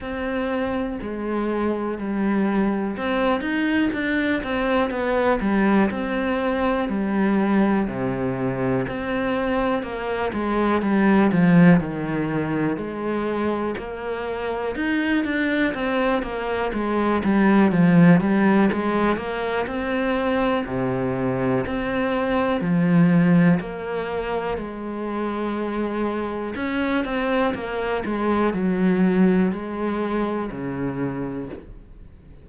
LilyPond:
\new Staff \with { instrumentName = "cello" } { \time 4/4 \tempo 4 = 61 c'4 gis4 g4 c'8 dis'8 | d'8 c'8 b8 g8 c'4 g4 | c4 c'4 ais8 gis8 g8 f8 | dis4 gis4 ais4 dis'8 d'8 |
c'8 ais8 gis8 g8 f8 g8 gis8 ais8 | c'4 c4 c'4 f4 | ais4 gis2 cis'8 c'8 | ais8 gis8 fis4 gis4 cis4 | }